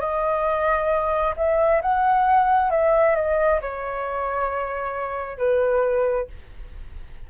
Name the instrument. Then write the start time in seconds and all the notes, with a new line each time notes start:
flute
0.00 D#5
1.37 E5
1.82 F#5
2.71 E5
3.15 D#5
3.61 C#5
5.38 B4